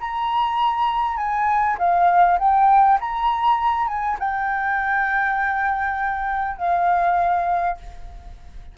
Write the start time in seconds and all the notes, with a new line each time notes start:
0.00 A#5
1.17 G#5
1.78 F5
2.39 G5
3.00 A#5
3.88 G#5
4.19 G5
6.57 F5